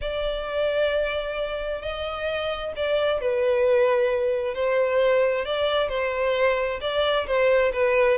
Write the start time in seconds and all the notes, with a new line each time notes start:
0.01 D5
1.81 D#5
2.76 D5
3.20 B4
4.54 C5
5.45 D5
5.89 C5
6.81 D5
7.26 C5
7.72 B4